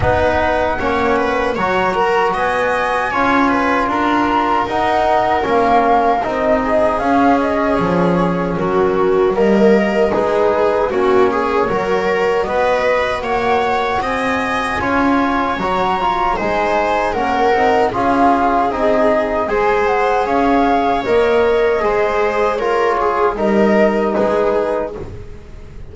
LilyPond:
<<
  \new Staff \with { instrumentName = "flute" } { \time 4/4 \tempo 4 = 77 fis''2 ais''4 gis''4~ | gis''4 ais''4 fis''4 f''4 | dis''4 f''8 dis''8 cis''4 ais'4 | dis''4 b'4 cis''2 |
dis''4 fis''4 gis''2 | ais''4 gis''4 fis''4 f''4 | dis''4 gis''8 fis''8 f''4 dis''4~ | dis''4 cis''4 dis''4 b'4 | }
  \new Staff \with { instrumentName = "viola" } { \time 4/4 b'4 cis''8 b'8 cis''8 ais'8 dis''4 | cis''8 b'8 ais'2.~ | ais'8 gis'2~ gis'8 fis'4 | ais'4 gis'4 fis'8 gis'8 ais'4 |
b'4 cis''4 dis''4 cis''4~ | cis''4 c''4 ais'4 gis'4~ | gis'4 c''4 cis''2 | c''4 ais'8 gis'8 ais'4 gis'4 | }
  \new Staff \with { instrumentName = "trombone" } { \time 4/4 dis'4 cis'4 fis'2 | f'2 dis'4 cis'4 | dis'4 cis'2. | ais4 dis'4 cis'4 fis'4~ |
fis'2. f'4 | fis'8 f'8 dis'4 cis'8 dis'8 f'4 | dis'4 gis'2 ais'4 | gis'4 f'4 dis'2 | }
  \new Staff \with { instrumentName = "double bass" } { \time 4/4 b4 ais4 fis4 b4 | cis'4 d'4 dis'4 ais4 | c'4 cis'4 f4 fis4 | g4 gis4 ais4 fis4 |
b4 ais4 c'4 cis'4 | fis4 gis4 ais8 c'8 cis'4 | c'4 gis4 cis'4 ais4 | gis2 g4 gis4 | }
>>